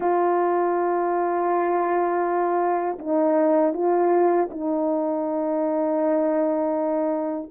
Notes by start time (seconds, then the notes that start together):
0.00 F4
2.98 D#4
3.73 F4
4.50 D#4